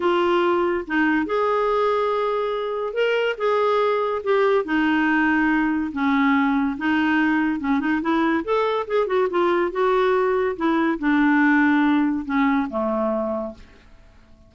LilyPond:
\new Staff \with { instrumentName = "clarinet" } { \time 4/4 \tempo 4 = 142 f'2 dis'4 gis'4~ | gis'2. ais'4 | gis'2 g'4 dis'4~ | dis'2 cis'2 |
dis'2 cis'8 dis'8 e'4 | a'4 gis'8 fis'8 f'4 fis'4~ | fis'4 e'4 d'2~ | d'4 cis'4 a2 | }